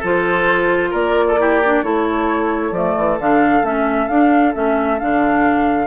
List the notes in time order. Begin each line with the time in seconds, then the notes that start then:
0.00 F3 F4 A4 C5
0.91 A#3 A#4 D5
1.28 A4
1.39 E4 G4
1.65 D4
1.83 A3 E4 A4 C#5
2.72 F3 A3 D5
2.97 E3
3.18 D3 D4 F5
3.62 A3 C#4 E5
4.08 D4 F5
4.53 A3 C#4 E5
4.99 D3 D4 F5